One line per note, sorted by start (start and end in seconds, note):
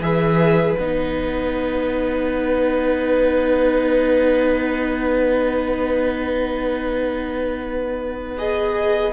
0.00 0.76 E3
0.00 0.78 G#4
0.00 9.13 B4
0.00 0.77 E5
0.77 9.13 B3
0.77 8.38 D#4
0.77 8.36 F#5
8.38 9.13 G#4
8.38 9.13 D#5